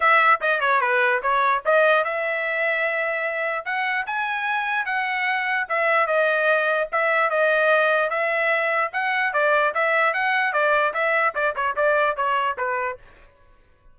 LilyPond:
\new Staff \with { instrumentName = "trumpet" } { \time 4/4 \tempo 4 = 148 e''4 dis''8 cis''8 b'4 cis''4 | dis''4 e''2.~ | e''4 fis''4 gis''2 | fis''2 e''4 dis''4~ |
dis''4 e''4 dis''2 | e''2 fis''4 d''4 | e''4 fis''4 d''4 e''4 | d''8 cis''8 d''4 cis''4 b'4 | }